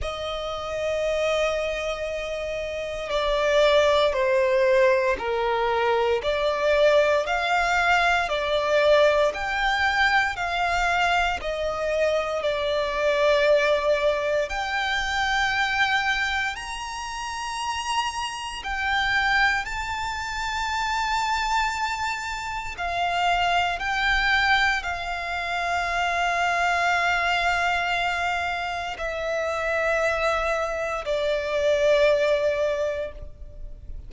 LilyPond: \new Staff \with { instrumentName = "violin" } { \time 4/4 \tempo 4 = 58 dis''2. d''4 | c''4 ais'4 d''4 f''4 | d''4 g''4 f''4 dis''4 | d''2 g''2 |
ais''2 g''4 a''4~ | a''2 f''4 g''4 | f''1 | e''2 d''2 | }